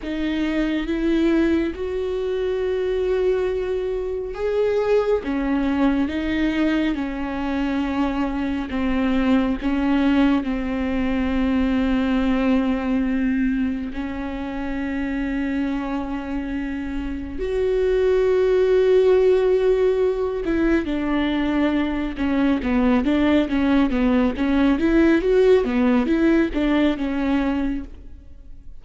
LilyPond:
\new Staff \with { instrumentName = "viola" } { \time 4/4 \tempo 4 = 69 dis'4 e'4 fis'2~ | fis'4 gis'4 cis'4 dis'4 | cis'2 c'4 cis'4 | c'1 |
cis'1 | fis'2.~ fis'8 e'8 | d'4. cis'8 b8 d'8 cis'8 b8 | cis'8 e'8 fis'8 b8 e'8 d'8 cis'4 | }